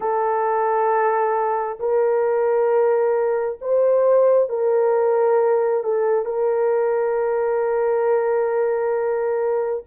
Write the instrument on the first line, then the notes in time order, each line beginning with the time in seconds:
horn
0.00 A4
1.79 A#4
3.61 C5
4.49 A#4
5.83 A4
6.25 A#4